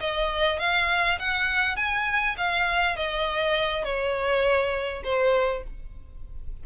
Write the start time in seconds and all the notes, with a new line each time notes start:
0.00 D#5
0.59 F5
1.19 F#5
1.76 G#5
2.38 F5
2.96 D#5
3.84 C#5
5.04 C5